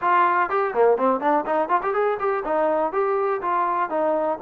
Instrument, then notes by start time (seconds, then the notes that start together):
trombone
0.01 F4
0.49 G4
0.74 A#3
0.97 C4
1.20 D4
1.46 D#4
1.68 F4
1.82 G4
1.93 G#4
2.19 G4
2.45 D#4
2.92 G4
3.41 F4
3.89 D#4